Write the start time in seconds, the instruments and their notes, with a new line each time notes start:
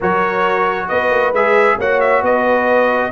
0.00 tuba F#3, trombone F#4, horn A#4, trumpet C#5
0.88 tuba B3, horn B4, trumpet D#5
1.10 tuba A#3
1.32 tuba G#3, trombone G#4, trumpet E5
1.78 tuba A#3, trombone F#4, horn C#5, trumpet F#5
2.00 trumpet E5
2.21 tuba B3, horn B4, trumpet D#5